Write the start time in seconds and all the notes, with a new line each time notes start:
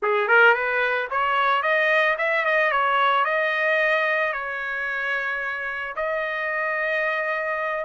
0.02 G#4
0.28 A#4
0.54 B4
1.10 C#5
1.62 D#5
2.18 E5
2.45 D#5
2.71 C#5
3.24 D#5
4.32 C#5
5.96 D#5